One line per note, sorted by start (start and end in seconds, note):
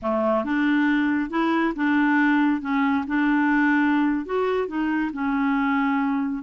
0.02 0.44 A3
0.44 1.30 D4
1.30 1.73 E4
1.75 2.61 D4
2.61 3.04 C#4
3.07 4.25 D4
4.25 4.67 F#4
4.67 5.11 D#4
5.12 6.43 C#4